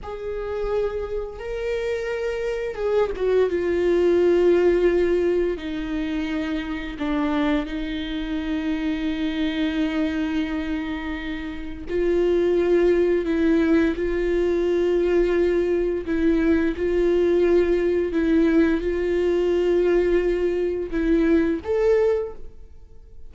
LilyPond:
\new Staff \with { instrumentName = "viola" } { \time 4/4 \tempo 4 = 86 gis'2 ais'2 | gis'8 fis'8 f'2. | dis'2 d'4 dis'4~ | dis'1~ |
dis'4 f'2 e'4 | f'2. e'4 | f'2 e'4 f'4~ | f'2 e'4 a'4 | }